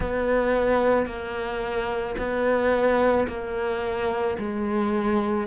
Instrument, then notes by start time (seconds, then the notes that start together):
cello
0.00 B3
1.06 A#3
2.18 B3
3.28 A#3
4.38 G#3